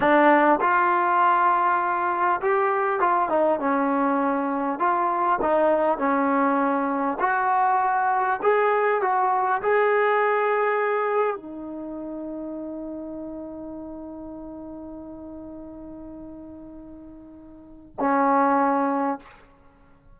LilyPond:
\new Staff \with { instrumentName = "trombone" } { \time 4/4 \tempo 4 = 100 d'4 f'2. | g'4 f'8 dis'8 cis'2 | f'4 dis'4 cis'2 | fis'2 gis'4 fis'4 |
gis'2. dis'4~ | dis'1~ | dis'1~ | dis'2 cis'2 | }